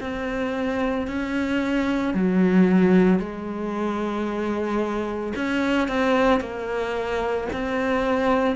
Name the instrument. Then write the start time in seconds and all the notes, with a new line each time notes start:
cello
0.00 C4
1.07 C#4
2.13 F#3
3.19 G#3
5.35 C#4
5.88 C4
6.40 A#3
7.52 C4